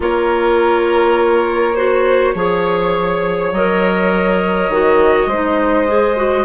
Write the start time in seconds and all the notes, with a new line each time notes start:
0.00 A#3 F4 A#4 C#5
1.75 F#4 C5
2.34 F3 G#4 C#5
3.51 F#3 A#4 D#5
4.69 D#3 F#4
5.26 G#3 D#4 C5
5.87 G#4
6.16 F#4